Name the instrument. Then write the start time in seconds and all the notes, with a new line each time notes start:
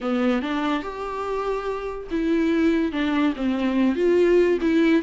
viola
0.00 B3
0.42 D4
0.82 G4
2.10 E4
2.91 D4
3.35 C4
3.95 F4
4.61 E4